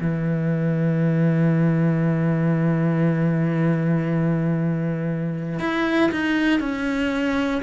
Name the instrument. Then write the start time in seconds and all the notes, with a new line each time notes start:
cello
0.00 E3
5.59 E4
6.11 D#4
6.60 C#4